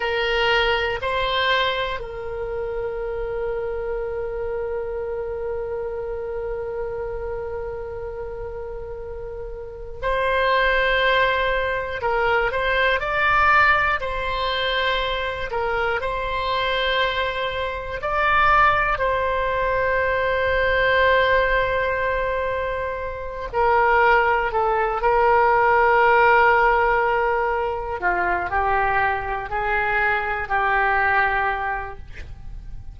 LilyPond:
\new Staff \with { instrumentName = "oboe" } { \time 4/4 \tempo 4 = 60 ais'4 c''4 ais'2~ | ais'1~ | ais'2 c''2 | ais'8 c''8 d''4 c''4. ais'8 |
c''2 d''4 c''4~ | c''2.~ c''8 ais'8~ | ais'8 a'8 ais'2. | f'8 g'4 gis'4 g'4. | }